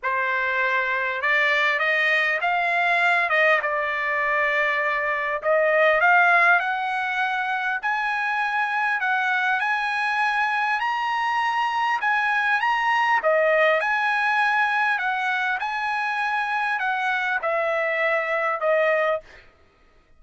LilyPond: \new Staff \with { instrumentName = "trumpet" } { \time 4/4 \tempo 4 = 100 c''2 d''4 dis''4 | f''4. dis''8 d''2~ | d''4 dis''4 f''4 fis''4~ | fis''4 gis''2 fis''4 |
gis''2 ais''2 | gis''4 ais''4 dis''4 gis''4~ | gis''4 fis''4 gis''2 | fis''4 e''2 dis''4 | }